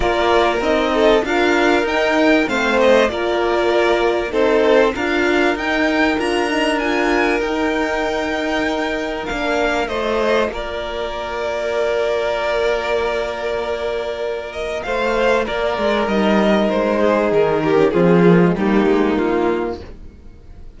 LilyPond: <<
  \new Staff \with { instrumentName = "violin" } { \time 4/4 \tempo 4 = 97 d''4 dis''4 f''4 g''4 | f''8 dis''8 d''2 c''4 | f''4 g''4 ais''4 gis''4 | g''2. f''4 |
dis''4 d''2.~ | d''2.~ d''8 dis''8 | f''4 d''4 dis''4 c''4 | ais'4 gis'4 g'4 f'4 | }
  \new Staff \with { instrumentName = "violin" } { \time 4/4 ais'4. a'8 ais'2 | c''4 ais'2 a'4 | ais'1~ | ais'1 |
c''4 ais'2.~ | ais'1 | c''4 ais'2~ ais'8 gis'8~ | gis'8 g'8 f'4 dis'2 | }
  \new Staff \with { instrumentName = "horn" } { \time 4/4 f'4 dis'4 f'4 dis'4 | c'4 f'2 dis'4 | f'4 dis'4 f'8 dis'8 f'4 | dis'2. d'4 |
f'1~ | f'1~ | f'2 dis'2~ | dis'8. cis'16 c'8 ais16 gis16 ais2 | }
  \new Staff \with { instrumentName = "cello" } { \time 4/4 ais4 c'4 d'4 dis'4 | a4 ais2 c'4 | d'4 dis'4 d'2 | dis'2. ais4 |
a4 ais2.~ | ais1 | a4 ais8 gis8 g4 gis4 | dis4 f4 g8 gis8 ais4 | }
>>